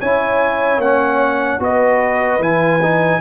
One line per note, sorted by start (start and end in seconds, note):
0.00 0.78 C#4
0.00 0.81 E4
0.00 1.60 C#5
0.00 0.80 G#5
0.78 1.58 A#3
0.78 1.60 C#4
0.78 1.61 F#5
1.60 2.39 B3
1.60 2.40 F#4
1.60 3.21 B4
1.60 2.43 D#5
2.39 3.19 E3
2.39 2.80 E4
2.39 3.21 G#5
2.82 3.21 D#4